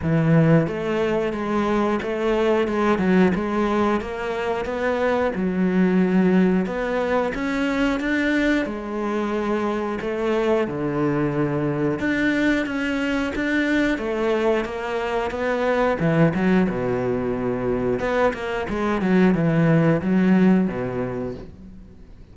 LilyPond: \new Staff \with { instrumentName = "cello" } { \time 4/4 \tempo 4 = 90 e4 a4 gis4 a4 | gis8 fis8 gis4 ais4 b4 | fis2 b4 cis'4 | d'4 gis2 a4 |
d2 d'4 cis'4 | d'4 a4 ais4 b4 | e8 fis8 b,2 b8 ais8 | gis8 fis8 e4 fis4 b,4 | }